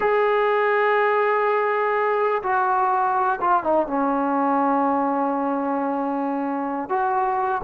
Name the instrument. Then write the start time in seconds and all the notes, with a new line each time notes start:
trombone
0.00 G#4
2.42 F#4
3.40 F4
3.63 D#4
3.87 C#4
6.89 F#4